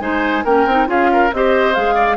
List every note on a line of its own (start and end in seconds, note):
0.00 0.43 G#3
0.00 0.44 D#4
0.00 0.44 C5
0.00 0.44 G#5
0.44 0.66 A#3
0.44 0.68 C#4
0.44 0.88 A#4
0.44 0.89 G5
0.66 0.87 C4
0.66 0.87 D#4
0.87 1.31 C#4
0.87 1.30 F4
0.87 1.11 G#4
0.87 1.33 F5
1.12 1.34 A#4
1.33 1.76 C4
1.33 1.74 G4
1.33 1.95 C5
1.33 1.74 D#5
1.74 2.17 G#3
1.74 2.17 G#4
1.74 2.17 F5
1.95 2.16 D5